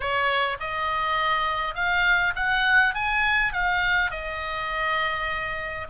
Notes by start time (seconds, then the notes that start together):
0.00 C#5
0.60 D#5
1.74 F5
2.35 F#5
2.94 G#5
3.52 F5
4.10 D#5